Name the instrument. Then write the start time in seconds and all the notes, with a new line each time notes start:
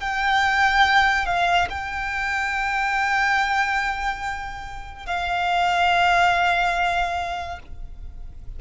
violin
0.00 G5
1.25 F5
1.69 G5
5.06 F5